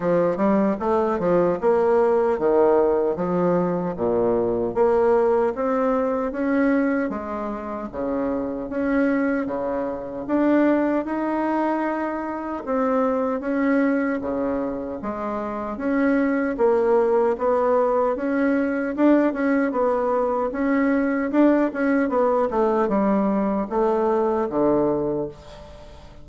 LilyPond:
\new Staff \with { instrumentName = "bassoon" } { \time 4/4 \tempo 4 = 76 f8 g8 a8 f8 ais4 dis4 | f4 ais,4 ais4 c'4 | cis'4 gis4 cis4 cis'4 | cis4 d'4 dis'2 |
c'4 cis'4 cis4 gis4 | cis'4 ais4 b4 cis'4 | d'8 cis'8 b4 cis'4 d'8 cis'8 | b8 a8 g4 a4 d4 | }